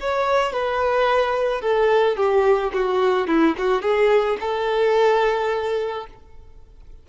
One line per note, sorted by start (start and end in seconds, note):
0.00 0.52 C#5
0.52 1.61 B4
1.61 2.16 A4
2.16 2.72 G4
2.73 3.27 F#4
3.27 3.55 E4
3.57 3.81 F#4
3.81 4.37 G#4
4.40 6.06 A4